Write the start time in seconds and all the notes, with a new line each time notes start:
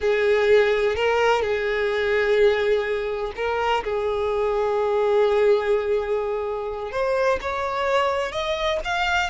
0.00 G#4
0.95 A#4
1.42 G#4
3.36 A#4
3.84 G#4
6.91 C5
7.41 C#5
8.32 D#5
8.84 F5